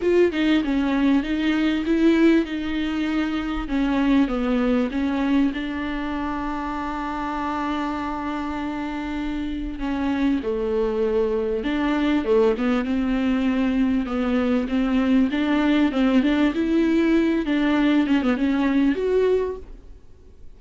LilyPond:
\new Staff \with { instrumentName = "viola" } { \time 4/4 \tempo 4 = 98 f'8 dis'8 cis'4 dis'4 e'4 | dis'2 cis'4 b4 | cis'4 d'2.~ | d'1 |
cis'4 a2 d'4 | a8 b8 c'2 b4 | c'4 d'4 c'8 d'8 e'4~ | e'8 d'4 cis'16 b16 cis'4 fis'4 | }